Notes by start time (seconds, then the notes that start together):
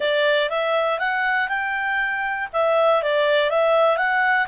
0.00 D5
0.49 E5
0.99 F#5
1.48 G5
2.52 E5
3.02 D5
3.50 E5
3.97 F#5